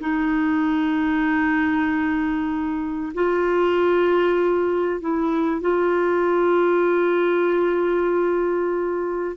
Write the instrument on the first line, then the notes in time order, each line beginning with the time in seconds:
clarinet
0.00 D#4
3.14 F4
5.00 E4
5.61 F4